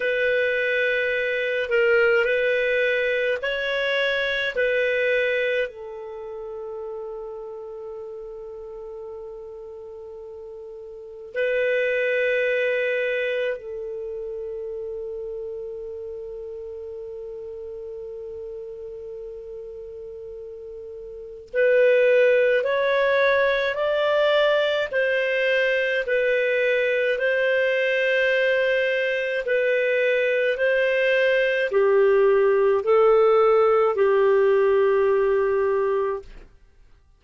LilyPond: \new Staff \with { instrumentName = "clarinet" } { \time 4/4 \tempo 4 = 53 b'4. ais'8 b'4 cis''4 | b'4 a'2.~ | a'2 b'2 | a'1~ |
a'2. b'4 | cis''4 d''4 c''4 b'4 | c''2 b'4 c''4 | g'4 a'4 g'2 | }